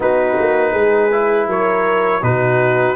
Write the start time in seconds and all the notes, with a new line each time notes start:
0.00 B3 D#4 F#4 B4
0.38 A#3
0.71 G#3 G#4
1.11 E4
1.47 F#3 A#4 C#5
2.22 B2 D#4 F#4 B4